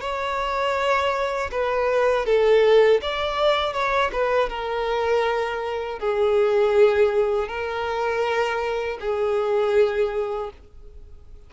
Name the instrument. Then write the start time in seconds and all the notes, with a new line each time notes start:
violin
0.00 C#5
1.51 B4
2.25 A4
3.01 D5
3.73 C#5
4.12 B4
4.49 A#4
5.99 G#4
7.48 A#4
9.00 G#4